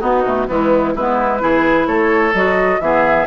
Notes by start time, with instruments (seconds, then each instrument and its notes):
0.00 clarinet B3, bassoon B3, oboe D#4, flute F#4
0.24 bassoon B2, clarinet A3
0.47 bassoon E3, clarinet G#3, oboe B3, flute E4
0.95 bassoon G#3, clarinet B3, oboe E4, flute B4
1.39 bassoon E3, clarinet E4, oboe G#4
1.87 bassoon A3, oboe A4, flute C#5
2.33 bassoon F#3, clarinet F#4, flute D#5
2.80 bassoon E3, clarinet B3, oboe G#4, flute E5